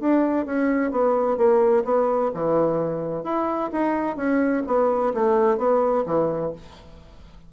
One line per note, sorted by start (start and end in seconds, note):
0.00 0.45 D4
0.45 0.91 C#4
0.91 1.37 B3
1.37 1.84 A#3
1.85 2.31 B3
2.34 3.24 E3
3.24 3.70 E4
3.72 4.16 D#4
4.16 4.63 C#4
4.67 5.13 B3
5.14 5.58 A3
5.58 6.04 B3
6.06 6.52 E3